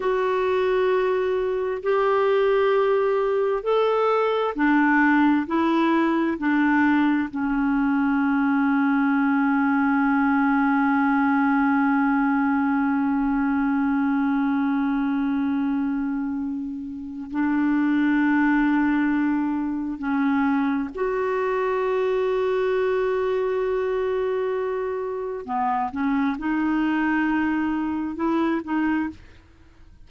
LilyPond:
\new Staff \with { instrumentName = "clarinet" } { \time 4/4 \tempo 4 = 66 fis'2 g'2 | a'4 d'4 e'4 d'4 | cis'1~ | cis'1~ |
cis'2. d'4~ | d'2 cis'4 fis'4~ | fis'1 | b8 cis'8 dis'2 e'8 dis'8 | }